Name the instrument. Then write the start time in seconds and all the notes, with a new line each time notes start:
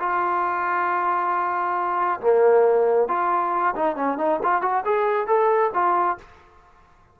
trombone
0.00 F4
2.21 A#3
3.09 F4
3.76 D#4
3.96 C#4
4.18 D#4
4.43 F4
4.62 F#4
4.86 G#4
5.27 A4
5.74 F4